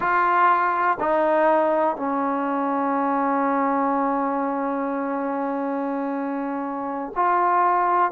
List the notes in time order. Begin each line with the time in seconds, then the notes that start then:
0.00 F4
1.00 D#4
1.96 C#4
7.15 F4